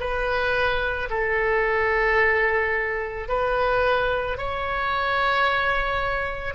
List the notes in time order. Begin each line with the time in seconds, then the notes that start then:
0.00 B4
1.10 A4
3.28 B4
4.37 C#5